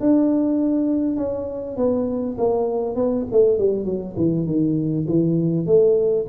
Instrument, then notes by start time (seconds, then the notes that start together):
tuba
0.00 D4
1.16 C#4
1.76 B3
2.37 A#3
2.95 B3
3.31 A3
3.58 G3
3.85 F#3
4.16 E3
4.46 D#3
5.07 E3
5.66 A3